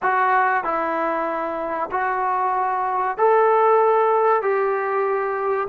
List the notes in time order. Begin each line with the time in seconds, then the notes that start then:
0.02 F#4
0.63 E4
1.91 F#4
3.17 A4
4.42 G4